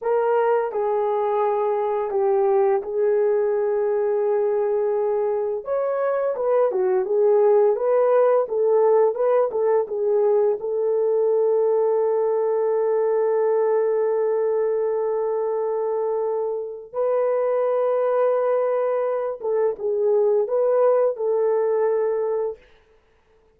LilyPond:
\new Staff \with { instrumentName = "horn" } { \time 4/4 \tempo 4 = 85 ais'4 gis'2 g'4 | gis'1 | cis''4 b'8 fis'8 gis'4 b'4 | a'4 b'8 a'8 gis'4 a'4~ |
a'1~ | a'1 | b'2.~ b'8 a'8 | gis'4 b'4 a'2 | }